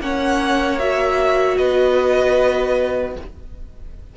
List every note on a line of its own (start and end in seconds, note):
0.00 1.58 A#3
0.00 0.79 C#4
0.00 1.59 C#5
0.00 0.79 F#5
0.79 3.16 F#4
0.79 1.57 E5
1.57 3.16 B3
1.57 3.17 B4
1.57 3.15 D#5